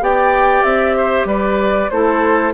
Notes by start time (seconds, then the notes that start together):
0.00 B3 G4 D5 G5
0.63 C4 E5
0.96 C5
1.25 G3 B4 D5
1.90 A3 E4 A4 C5